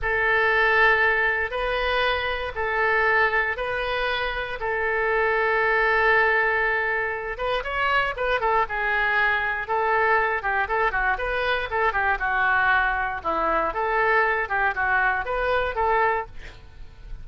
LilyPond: \new Staff \with { instrumentName = "oboe" } { \time 4/4 \tempo 4 = 118 a'2. b'4~ | b'4 a'2 b'4~ | b'4 a'2.~ | a'2~ a'8 b'8 cis''4 |
b'8 a'8 gis'2 a'4~ | a'8 g'8 a'8 fis'8 b'4 a'8 g'8 | fis'2 e'4 a'4~ | a'8 g'8 fis'4 b'4 a'4 | }